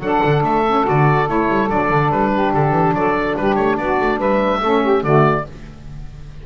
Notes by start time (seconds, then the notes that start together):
0.00 F#3 D4 A4 F#5
0.24 D3
0.43 A3 E5
0.67 C#4
0.85 D3 F#4 D5
1.27 A3 E4 C#5
1.49 G3
1.69 F#3 D4 D5
1.91 D3
2.11 G3 B4
2.33 G4
2.54 D3 A4
2.71 E3
2.93 F#3 A4 D5
3.37 G3 G4 B4
3.56 A3 C#5
3.78 B3 F#4 D5
4.00 A3
4.19 G3 B4 E5
4.63 A3 C#4 A4
4.82 G4
5.03 D3 A3 F#4 D5